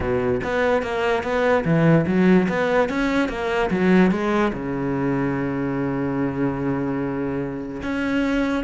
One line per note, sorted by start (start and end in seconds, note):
0.00 0.40 B2
0.43 0.82 B3
0.82 1.23 A#3
1.23 1.64 B3
1.64 2.05 E3
2.06 2.47 F#3
2.48 2.89 B3
2.89 3.29 C#4
3.29 3.70 A#3
3.70 4.11 F#3
4.11 4.52 G#3
4.52 7.81 C#3
7.83 8.63 C#4